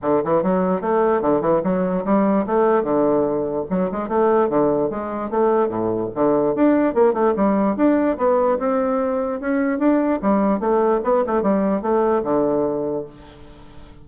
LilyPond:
\new Staff \with { instrumentName = "bassoon" } { \time 4/4 \tempo 4 = 147 d8 e8 fis4 a4 d8 e8 | fis4 g4 a4 d4~ | d4 fis8 gis8 a4 d4 | gis4 a4 a,4 d4 |
d'4 ais8 a8 g4 d'4 | b4 c'2 cis'4 | d'4 g4 a4 b8 a8 | g4 a4 d2 | }